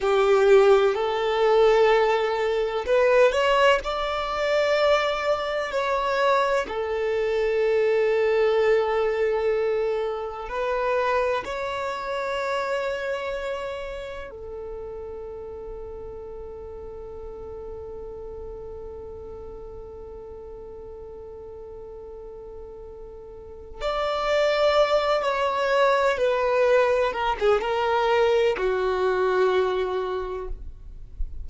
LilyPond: \new Staff \with { instrumentName = "violin" } { \time 4/4 \tempo 4 = 63 g'4 a'2 b'8 cis''8 | d''2 cis''4 a'4~ | a'2. b'4 | cis''2. a'4~ |
a'1~ | a'1~ | a'4 d''4. cis''4 b'8~ | b'8 ais'16 gis'16 ais'4 fis'2 | }